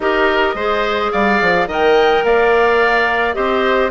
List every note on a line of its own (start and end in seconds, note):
0.00 0.54 D#4
0.00 0.56 G4
0.00 0.55 A#4
0.00 1.12 D#5
0.54 1.10 G#3
0.54 1.69 G#4
0.54 1.11 C5
1.12 1.41 G3
1.12 1.67 D5
1.12 1.68 F5
1.41 1.66 F3
1.66 2.22 D#3
1.66 3.33 A#4
1.66 2.23 D#5
1.66 2.24 G5
2.23 3.35 A#3
2.23 3.35 D5
2.23 3.33 F5
3.33 3.91 C4
3.33 3.89 G4
3.33 3.91 C5
3.33 3.89 D#5